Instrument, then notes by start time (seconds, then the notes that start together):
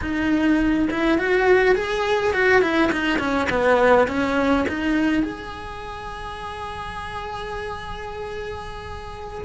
cello
0.01 D#4
0.90 E4
1.18 F#4
1.75 G#4
2.33 F#4
2.61 E4
2.92 D#4
3.19 C#4
3.49 B3
4.07 C#4
4.68 D#4
5.22 G#4